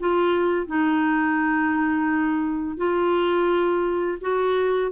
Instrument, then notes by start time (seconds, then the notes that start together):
clarinet
0.00 F4
0.67 D#4
2.77 F4
4.21 F#4